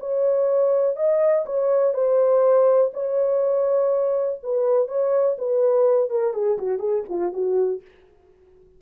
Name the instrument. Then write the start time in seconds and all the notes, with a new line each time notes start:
horn
0.00 C#5
0.96 D#5
1.46 C#5
1.94 C5
2.94 C#5
4.43 B4
4.88 C#5
5.38 B4
6.10 A#4
6.33 G#4
6.58 F#4
6.79 G#4
7.09 F4
7.33 F#4